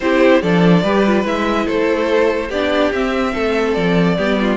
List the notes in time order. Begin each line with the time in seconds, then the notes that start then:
0.00 C4 E4 G4 C5
0.42 F3 D4 A4 D5
0.82 G3 G4 B4
1.06 F4
1.24 G#3 E4 E5
1.65 A3 A4 C5
2.48 B3 D4 G4 D5
2.92 C4 E5
3.33 A3 A4
3.74 F3 D5
4.17 G3 B3 G4
4.40 F4